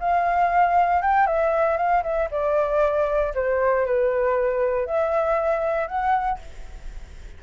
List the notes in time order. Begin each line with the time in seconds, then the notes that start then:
0.00 F5
1.02 G5
1.27 E5
1.77 F5
2.03 E5
2.31 D5
3.35 C5
3.86 B4
4.87 E5
5.88 F#5